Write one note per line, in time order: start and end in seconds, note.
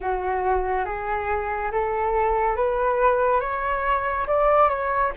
0.00 0.85 F#4
0.85 1.71 G#4
1.71 2.56 A4
2.56 3.40 B4
3.40 4.26 C#5
4.27 4.69 D5
4.69 5.12 C#5